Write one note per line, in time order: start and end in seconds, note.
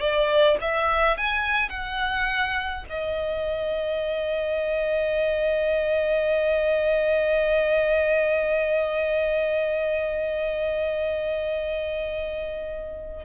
0.00 0.58 D5
0.61 1.18 E5
1.18 1.70 G#5
1.70 2.85 F#5
2.90 13.25 D#5